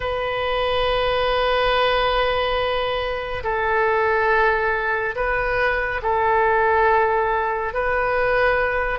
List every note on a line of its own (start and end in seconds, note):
0.00 3.43 B4
3.43 5.15 A4
5.15 6.01 B4
6.02 7.73 A4
7.73 8.99 B4